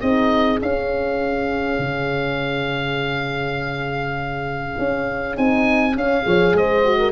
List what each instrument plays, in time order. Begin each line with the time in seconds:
0.00 tuba C4, horn D#4 G#4, oboe D#5
0.60 horn C#4, tuba C#4, oboe F5
1.78 tuba C#3
4.78 tuba C#4
5.34 tuba C4, horn D#4, oboe G#5
5.95 tuba C#4, horn C#4, oboe F5
6.23 tuba F3, horn G#4 C#5
6.53 tuba G#3, horn C5, oboe D#5
6.84 horn F#4
6.99 horn A#4